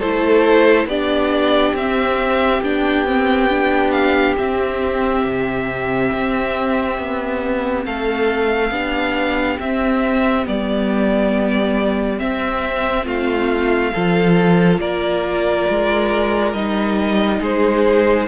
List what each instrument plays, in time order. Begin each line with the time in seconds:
0.00 cello A3, viola E4, violin A4 C5
0.86 cello B3, viola D4, violin G4 D5
1.74 cello C4, viola C4, violin E5
2.62 cello B3, viola D4, violin G5
3.06 viola C4
3.50 viola D4
3.92 violin F5
4.38 cello C4, viola C4, violin E5
5.25 cello C3
6.12 cello C4
6.99 cello B3
7.86 cello A3, violin A4 F5
8.71 cello B3, viola D4, violin G4
9.60 cello C4, viola C4, violin E5
10.44 cello G3, viola B3, violin D5
12.18 viola C4, cello C4, violin E5
13.05 cello A3, violin F4 F5
13.93 cello F3, viola F4, violin A4
14.79 cello A#3, violin A#4 D5
15.70 cello G#3
16.54 cello G3, viola D#4, violin D#5
17.40 cello G#3, violin G#4 C5